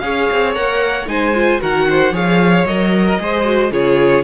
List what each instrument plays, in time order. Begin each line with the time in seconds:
0.00 cello C#4, viola G#4, violin C#5 F5
0.32 cello C4
0.55 cello A#3, viola A#4, violin F#5
1.07 cello G#3, viola D#4, violin C5 G#5
1.35 viola F4
1.61 cello D#3, viola F#4, violin A#4 F#5
1.89 violin C5
2.12 cello F3, viola G#4, violin C#5 F5
2.66 cello F#3, viola A#4, violin D#5
3.07 violin A#4
3.19 cello G#3, viola G#4, violin C5
3.45 viola F#4
3.71 cello C#3, viola F4, violin G#4 C#5